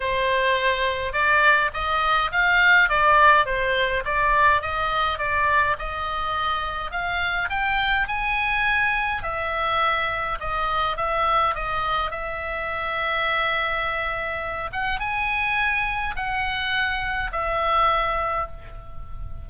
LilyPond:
\new Staff \with { instrumentName = "oboe" } { \time 4/4 \tempo 4 = 104 c''2 d''4 dis''4 | f''4 d''4 c''4 d''4 | dis''4 d''4 dis''2 | f''4 g''4 gis''2 |
e''2 dis''4 e''4 | dis''4 e''2.~ | e''4. fis''8 gis''2 | fis''2 e''2 | }